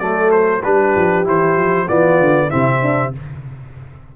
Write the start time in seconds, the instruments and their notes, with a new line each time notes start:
0.00 tuba F#3, trombone A3, horn A4, trumpet D5
0.32 trumpet C5
0.64 tuba G3, trombone D4, horn G4, trumpet B4
0.96 tuba F3
1.25 tuba E3, trombone E4, trumpet C5
1.57 tuba F3
1.88 tuba E3, trombone B3, horn F4, trumpet D5
2.21 tuba D3
2.49 tuba C3, trombone C4, horn E4, trumpet E5
2.83 horn D4